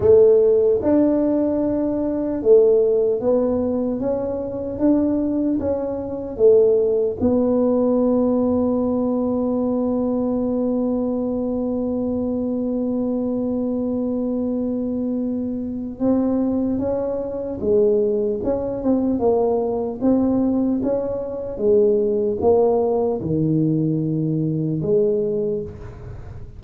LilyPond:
\new Staff \with { instrumentName = "tuba" } { \time 4/4 \tempo 4 = 75 a4 d'2 a4 | b4 cis'4 d'4 cis'4 | a4 b2.~ | b1~ |
b1 | c'4 cis'4 gis4 cis'8 c'8 | ais4 c'4 cis'4 gis4 | ais4 dis2 gis4 | }